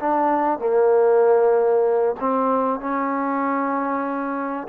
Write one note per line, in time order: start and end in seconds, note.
0.00 0.59 D4
0.59 2.15 A#3
2.20 2.80 C4
2.80 4.68 C#4